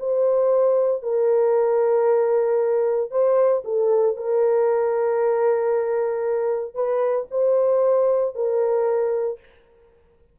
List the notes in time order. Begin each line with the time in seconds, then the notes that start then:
0.00 C5
1.03 A#4
3.11 C5
3.65 A4
4.17 A#4
6.75 B4
7.31 C5
8.35 A#4